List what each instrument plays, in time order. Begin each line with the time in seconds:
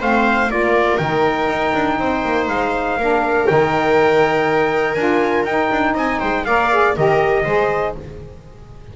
0.00 double bass A3, saxophone C4, viola C5, trumpet F5
0.48 double bass A#3, saxophone F4, viola A#4, trumpet D5
0.97 double bass D#3, saxophone D#4, trumpet G5
1.48 double bass D#4
1.74 double bass D4
1.99 double bass C4, viola C5
2.24 double bass A#3
2.48 double bass G#3, trumpet F5
2.97 double bass A#3, saxophone D4, viola A#4
3.47 double bass D#3, saxophone D#4, trumpet G5
4.94 double bass D4, saxophone F4, trumpet G#5
5.44 double bass D#4, saxophone D#4, trumpet G5
5.71 double bass D4
5.94 double bass C4, viola D#5, trumpet G#5
6.19 double bass G#3, viola C5, trumpet G5
6.45 double bass A#3, saxophone A#4, viola D5, trumpet F5
6.71 saxophone G#4
6.95 double bass D#3, saxophone G4, viola A#4, trumpet D#5
7.44 double bass G#3, saxophone G#4, viola C5